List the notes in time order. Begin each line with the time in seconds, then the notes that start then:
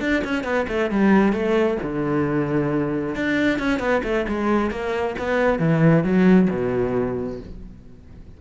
0.00 D4
0.24 C#4
0.44 B3
0.68 A3
0.91 G3
1.32 A3
1.82 D3
3.15 D4
3.59 C#4
3.79 B3
4.03 A3
4.28 G#3
4.70 A#3
5.19 B3
5.59 E3
6.03 F#3
6.50 B2